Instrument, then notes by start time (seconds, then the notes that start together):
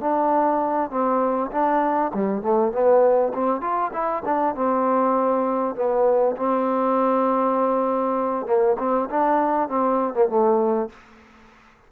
trombone
0.00 D4
0.90 C4
1.51 D4
2.13 G3
2.42 A3
2.72 B3
3.34 C4
3.61 F4
3.93 E4
4.25 D4
4.55 C4
5.75 B3
6.37 C4
8.46 A#3
8.79 C4
9.10 D4
9.68 C4
10.13 A#3
10.29 A3